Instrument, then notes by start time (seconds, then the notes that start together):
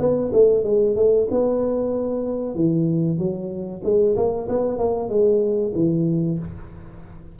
tuba
0.00 B3
0.33 A3
0.64 G#3
0.96 A3
1.31 B3
2.55 E3
3.18 F#3
3.84 G#3
4.16 A#3
4.49 B3
4.79 A#3
5.09 G#3
5.75 E3